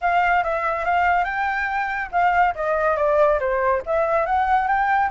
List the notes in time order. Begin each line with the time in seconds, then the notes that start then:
0.01 F5
0.43 E5
0.85 F5
1.24 G5
2.11 F5
2.55 D#5
2.96 D5
3.39 C5
3.85 E5
4.26 F#5
4.67 G5